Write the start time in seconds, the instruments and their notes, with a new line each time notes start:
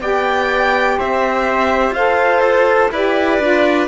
0.00 cello B3, saxophone G4, trumpet D5, violin G5
0.98 cello C4, trumpet C5, violin E5
1.90 cello F4, saxophone A4, violin C5, trumpet F5
2.41 trumpet A4
2.91 cello E4, saxophone G4, trumpet B4, violin D5
3.39 cello D4, saxophone F4